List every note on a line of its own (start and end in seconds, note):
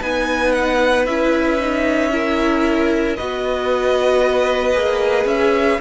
0.00 1.07 B3
0.00 1.06 D#4
0.00 2.11 B4
0.00 0.53 G#5
0.53 1.05 F#5
1.07 3.18 C#4
1.07 1.60 E4
1.07 3.17 E5
1.60 2.12 D#4
2.12 3.17 E4
2.12 3.17 A#4
3.17 4.75 B3
3.17 4.75 F#4
3.17 5.80 B4
3.17 5.27 D#5
4.75 5.26 A#3
4.75 5.80 G#4
5.26 5.78 C#4
5.26 5.80 E5